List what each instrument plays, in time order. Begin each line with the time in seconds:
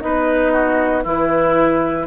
0.00 bassoon B3, clarinet D#4, oboe B4, flute D#5
0.53 oboe F#4
1.04 bassoon E3, oboe E4, clarinet E4, flute B4